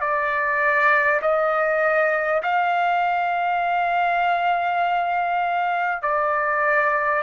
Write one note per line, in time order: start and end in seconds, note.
0.00 1.20 D5
1.22 2.42 D#5
2.42 6.02 F5
6.02 7.22 D5